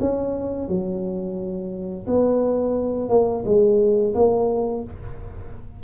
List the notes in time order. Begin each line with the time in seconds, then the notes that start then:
0.00 C#4
0.68 F#3
2.07 B3
3.09 A#3
3.45 G#3
4.14 A#3